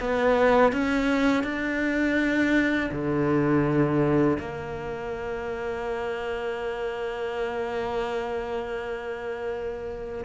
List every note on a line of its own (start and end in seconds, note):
0.00 0.72 B3
0.72 1.43 C#4
1.43 2.90 D4
2.91 4.38 D3
4.39 10.24 A#3